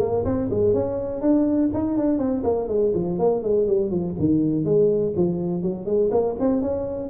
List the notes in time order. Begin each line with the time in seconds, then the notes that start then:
0.00 A#3
0.25 C4
0.50 G#3
0.74 C#4
1.22 D4
1.74 D#4
1.98 D4
2.19 C4
2.44 A#3
2.68 G#3
2.95 F3
3.19 A#3
3.43 G#3
3.68 G3
3.91 F3
4.19 D#3
4.65 G#3
5.17 F3
5.63 F#3
5.86 G#3
6.12 A#3
6.40 C4
6.62 C#4